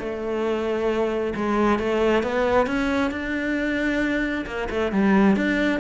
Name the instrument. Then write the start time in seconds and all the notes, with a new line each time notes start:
cello
0.00 A3
1.36 G#3
1.80 A3
2.23 B3
2.67 C#4
3.12 D4
4.47 A#3
4.70 A3
4.92 G3
5.37 D4